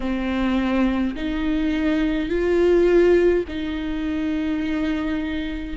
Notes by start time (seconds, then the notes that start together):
0.00 C4
1.15 D#4
2.29 F4
3.48 D#4